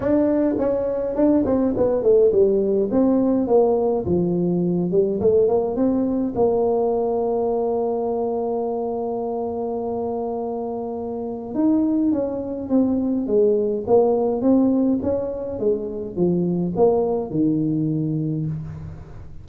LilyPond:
\new Staff \with { instrumentName = "tuba" } { \time 4/4 \tempo 4 = 104 d'4 cis'4 d'8 c'8 b8 a8 | g4 c'4 ais4 f4~ | f8 g8 a8 ais8 c'4 ais4~ | ais1~ |
ais1 | dis'4 cis'4 c'4 gis4 | ais4 c'4 cis'4 gis4 | f4 ais4 dis2 | }